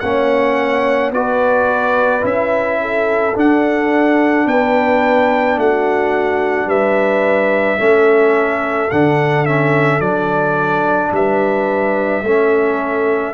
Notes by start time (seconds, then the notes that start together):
0.00 A#3 C#4 C#5 F#5
1.12 B3 F#4 B4 D5
2.22 C#4 E4 E5
2.82 A4
3.35 D4 F#5
4.46 B3 B4 G5
5.57 A3 F#4 F#5
6.66 G3 B4 E5
7.79 A3 C#4 A4
8.91 D3 D4 F#5
9.46 C#4 E5
10.00 F#3 D4 D5
11.12 G3 B4 E5
12.23 A3 C#4 A4